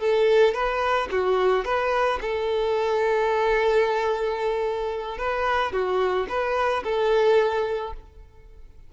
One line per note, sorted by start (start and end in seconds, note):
0.00 0.55 A4
0.55 1.09 B4
1.12 1.65 F#4
1.65 2.20 B4
2.22 5.18 A4
5.18 5.73 B4
5.73 6.28 F#4
6.29 6.84 B4
6.85 7.94 A4